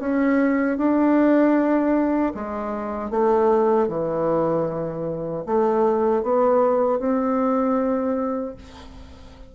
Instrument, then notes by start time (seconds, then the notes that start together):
bassoon
0.00 C#4
0.78 D4
2.35 G#3
3.11 A3
3.89 E3
5.47 A3
6.23 B3
7.00 C4